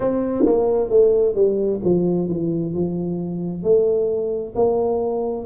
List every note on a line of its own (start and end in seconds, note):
0.00 0.45 C4
0.45 0.89 A#3
0.89 1.34 A3
1.34 1.80 G3
1.84 2.28 F3
2.28 2.74 E3
2.74 3.63 F3
3.63 4.54 A3
4.55 5.45 A#3